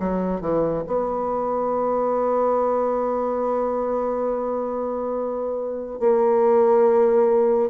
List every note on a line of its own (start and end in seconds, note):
0.00 0.41 F#3
0.41 0.84 E3
0.87 6.00 B3
6.00 7.70 A#3